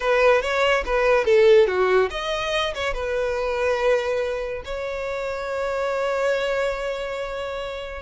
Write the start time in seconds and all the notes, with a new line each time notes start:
0.00 B4
0.41 C#5
0.85 B4
1.25 A4
1.67 F#4
2.10 D#5
2.74 C#5
2.93 B4
4.64 C#5